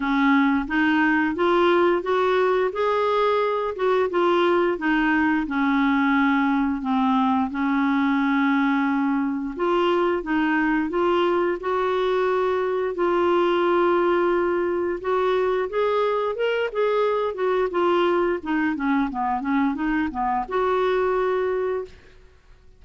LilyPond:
\new Staff \with { instrumentName = "clarinet" } { \time 4/4 \tempo 4 = 88 cis'4 dis'4 f'4 fis'4 | gis'4. fis'8 f'4 dis'4 | cis'2 c'4 cis'4~ | cis'2 f'4 dis'4 |
f'4 fis'2 f'4~ | f'2 fis'4 gis'4 | ais'8 gis'4 fis'8 f'4 dis'8 cis'8 | b8 cis'8 dis'8 b8 fis'2 | }